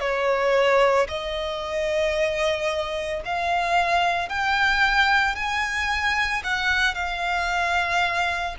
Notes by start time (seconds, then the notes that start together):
0.00 C#5
1.09 D#5
3.25 F5
4.29 G5
5.35 G#5
6.44 F#5
6.95 F5